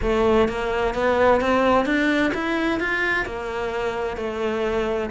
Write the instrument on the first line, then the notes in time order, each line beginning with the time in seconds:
cello
0.02 A3
0.48 A#3
0.94 B3
1.40 C4
1.85 D4
2.34 E4
2.80 F4
3.25 A#3
4.16 A3